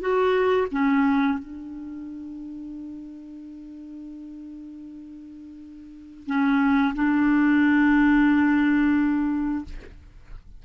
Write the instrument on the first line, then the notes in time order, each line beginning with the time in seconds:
clarinet
0.00 F#4
0.71 C#4
1.39 D4
6.26 C#4
6.95 D4